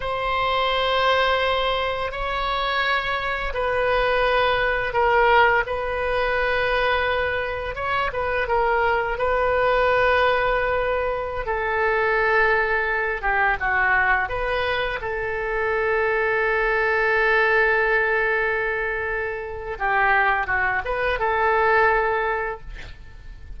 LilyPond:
\new Staff \with { instrumentName = "oboe" } { \time 4/4 \tempo 4 = 85 c''2. cis''4~ | cis''4 b'2 ais'4 | b'2. cis''8 b'8 | ais'4 b'2.~ |
b'16 a'2~ a'8 g'8 fis'8.~ | fis'16 b'4 a'2~ a'8.~ | a'1 | g'4 fis'8 b'8 a'2 | }